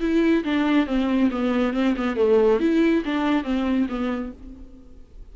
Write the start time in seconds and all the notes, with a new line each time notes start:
0.00 E4
0.44 D4
0.86 C4
1.30 B3
1.73 C4
1.96 B3
2.16 A3
2.60 E4
3.05 D4
3.43 C4
3.89 B3